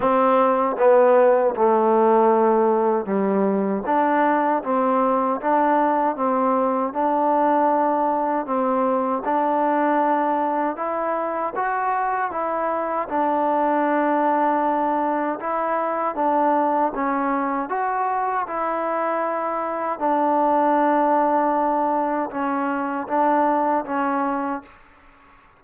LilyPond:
\new Staff \with { instrumentName = "trombone" } { \time 4/4 \tempo 4 = 78 c'4 b4 a2 | g4 d'4 c'4 d'4 | c'4 d'2 c'4 | d'2 e'4 fis'4 |
e'4 d'2. | e'4 d'4 cis'4 fis'4 | e'2 d'2~ | d'4 cis'4 d'4 cis'4 | }